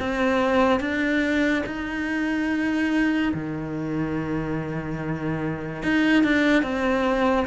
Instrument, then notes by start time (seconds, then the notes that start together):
cello
0.00 C4
0.80 D4
1.66 D#4
3.34 D#3
5.83 D#4
6.24 D4
6.63 C4